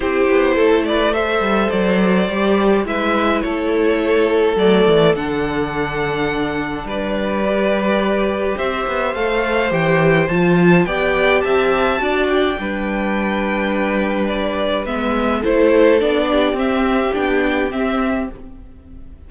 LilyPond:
<<
  \new Staff \with { instrumentName = "violin" } { \time 4/4 \tempo 4 = 105 c''4. d''8 e''4 d''4~ | d''4 e''4 cis''2 | d''4 fis''2. | d''2. e''4 |
f''4 g''4 a''4 g''4 | a''4. g''2~ g''8~ | g''4 d''4 e''4 c''4 | d''4 e''4 g''4 e''4 | }
  \new Staff \with { instrumentName = "violin" } { \time 4/4 g'4 a'8 b'8 c''2~ | c''4 b'4 a'2~ | a'1 | b'2. c''4~ |
c''2. d''4 | e''4 d''4 b'2~ | b'2. a'4~ | a'8 g'2.~ g'8 | }
  \new Staff \with { instrumentName = "viola" } { \time 4/4 e'2 a'2 | g'4 e'2. | a4 d'2.~ | d'4 g'2. |
a'4 g'4 f'4 g'4~ | g'4 fis'4 d'2~ | d'2 b4 e'4 | d'4 c'4 d'4 c'4 | }
  \new Staff \with { instrumentName = "cello" } { \time 4/4 c'8 b8 a4. g8 fis4 | g4 gis4 a2 | fis8 e8 d2. | g2. c'8 b8 |
a4 e4 f4 b4 | c'4 d'4 g2~ | g2 gis4 a4 | b4 c'4 b4 c'4 | }
>>